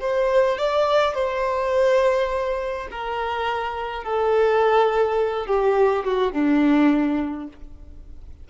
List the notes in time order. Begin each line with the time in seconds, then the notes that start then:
0.00 C5
0.58 D5
1.14 C5
2.91 A#4
4.03 A4
5.47 G4
6.04 F#4
6.32 D4